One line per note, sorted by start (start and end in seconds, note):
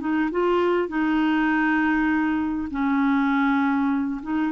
0.00 0.30 D#4
0.31 0.89 F4
0.89 2.69 D#4
2.71 4.21 C#4
4.23 4.52 D#4